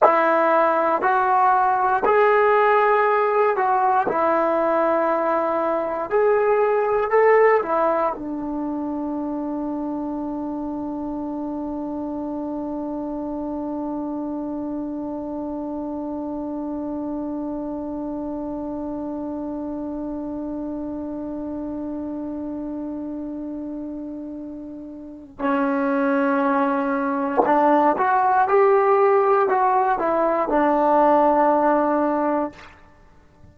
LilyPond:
\new Staff \with { instrumentName = "trombone" } { \time 4/4 \tempo 4 = 59 e'4 fis'4 gis'4. fis'8 | e'2 gis'4 a'8 e'8 | d'1~ | d'1~ |
d'1~ | d'1~ | d'4 cis'2 d'8 fis'8 | g'4 fis'8 e'8 d'2 | }